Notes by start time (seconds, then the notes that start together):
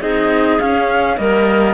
0.00 C4 D#4 G#4 D#5
0.60 C#4 F5
1.17 G3 A#3 A#4 D#5